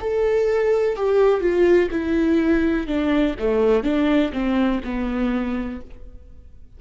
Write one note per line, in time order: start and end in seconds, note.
0.00 0.96 A4
0.96 1.40 G4
1.40 1.89 F4
1.91 2.87 E4
2.87 3.35 D4
3.39 3.83 A3
3.83 4.32 D4
4.32 4.81 C4
4.84 5.81 B3